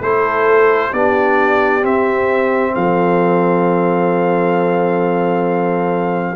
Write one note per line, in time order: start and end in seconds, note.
0.00 0.91 A3
0.00 0.93 E4
0.00 0.91 A4
0.00 0.93 C5
0.91 1.84 B3
0.91 1.81 D4
0.91 2.73 G4
0.91 1.84 D5
1.81 6.36 C4
1.81 2.75 C4
1.81 2.75 E5
2.73 6.36 F3
2.73 6.36 A4
2.73 6.36 F5